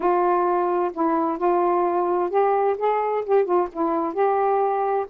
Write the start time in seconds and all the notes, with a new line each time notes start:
0.00 F4
0.93 E4
1.38 F4
2.30 G4
2.78 G#4
3.25 G4
3.44 F4
3.72 E4
4.13 G4